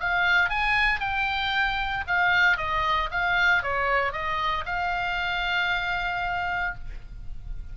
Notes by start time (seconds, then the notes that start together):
0.00 F5
0.50 G#5
1.00 G5
2.08 F5
2.58 D#5
3.11 F5
3.63 C#5
4.12 D#5
4.66 F5